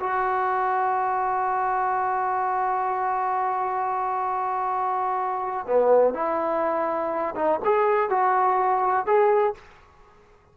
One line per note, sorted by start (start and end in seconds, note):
0.00 5.67 F#4
5.67 6.14 B3
6.14 7.35 E4
7.36 7.60 D#4
7.65 8.10 G#4
8.10 9.06 F#4
9.06 9.55 G#4